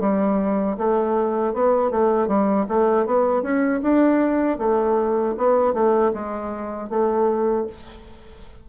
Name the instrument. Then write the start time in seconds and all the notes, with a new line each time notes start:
bassoon
0.00 G3
0.78 A3
1.53 B3
1.91 A3
2.28 G3
2.68 A3
3.06 B3
3.42 C#4
3.82 D4
4.58 A3
5.37 B3
5.73 A3
6.14 G#3
6.90 A3